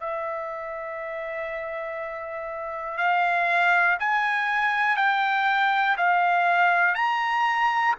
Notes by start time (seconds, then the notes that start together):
0.00 E5
2.98 F5
3.99 G#5
4.96 G5
5.97 F5
6.95 A#5